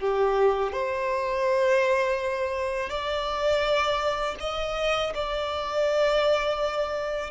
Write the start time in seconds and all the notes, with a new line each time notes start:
0.00 G4
0.73 C5
2.90 D5
4.41 D#5
5.15 D5